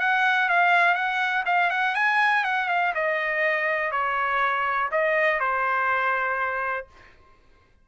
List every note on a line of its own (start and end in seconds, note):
0.00 0.49 F#5
0.49 0.95 F5
0.95 1.44 F#5
1.46 1.70 F5
1.70 1.95 F#5
1.95 2.44 G#5
2.44 2.69 F#5
2.69 2.93 F5
2.95 3.92 D#5
3.92 4.90 C#5
4.92 5.40 D#5
5.40 6.87 C5